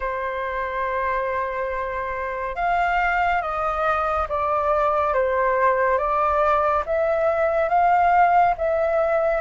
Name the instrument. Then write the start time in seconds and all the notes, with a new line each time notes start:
flute
0.00 C5
2.55 F5
3.41 D#5
4.28 D5
5.14 C5
5.98 D5
6.86 E5
7.68 F5
8.57 E5